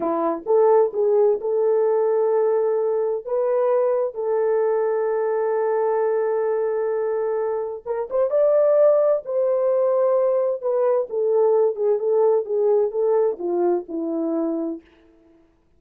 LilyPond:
\new Staff \with { instrumentName = "horn" } { \time 4/4 \tempo 4 = 130 e'4 a'4 gis'4 a'4~ | a'2. b'4~ | b'4 a'2.~ | a'1~ |
a'4 ais'8 c''8 d''2 | c''2. b'4 | a'4. gis'8 a'4 gis'4 | a'4 f'4 e'2 | }